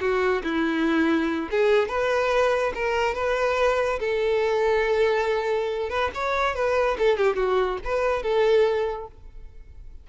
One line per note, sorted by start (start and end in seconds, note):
0.00 0.42 F#4
0.43 1.49 E4
1.51 1.88 G#4
1.88 2.73 B4
2.74 3.14 A#4
3.14 3.99 B4
3.99 5.89 A4
5.89 6.11 B4
6.14 6.55 C#5
6.55 6.97 B4
6.98 7.17 A4
7.17 7.36 G4
7.36 7.78 F#4
7.84 8.22 B4
8.22 9.07 A4